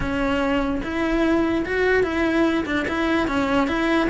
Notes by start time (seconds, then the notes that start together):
0.00 C#4
0.83 E4
1.65 F#4
2.03 E4
2.65 D4
2.88 E4
3.27 C#4
3.67 E4